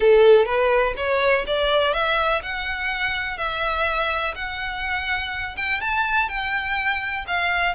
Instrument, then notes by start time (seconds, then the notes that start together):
violin
0.00 A4
0.45 B4
0.97 C#5
1.46 D5
1.93 E5
2.42 F#5
3.37 E5
4.35 F#5
5.56 G5
5.80 A5
6.28 G5
7.27 F5